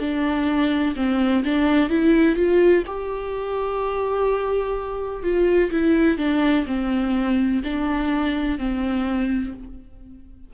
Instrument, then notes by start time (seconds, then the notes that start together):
viola
0.00 D4
0.96 C4
1.45 D4
1.90 E4
2.36 F4
2.87 G4
5.23 F4
5.71 E4
6.18 D4
6.67 C4
7.64 D4
8.58 C4